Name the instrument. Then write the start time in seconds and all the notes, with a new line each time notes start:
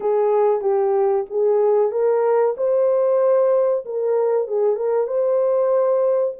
horn
0.00 G#4
0.61 G4
1.30 G#4
1.91 A#4
2.57 C5
3.85 A#4
4.47 G#4
4.76 A#4
5.07 C5